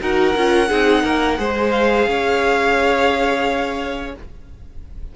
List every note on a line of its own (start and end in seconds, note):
0.00 0.35 D#4
0.00 0.34 F#4
0.00 0.69 A#4
0.00 1.71 F#5
0.36 0.70 C#4
0.36 0.69 F4
0.69 1.04 C4
0.69 1.37 D#4
0.69 1.03 G#4
1.03 1.38 A#3
1.03 1.38 A#4
1.37 2.07 G#3
1.37 4.13 G#4
1.37 2.08 C5
1.71 4.12 F5
2.07 4.14 C#4
2.07 4.16 C#5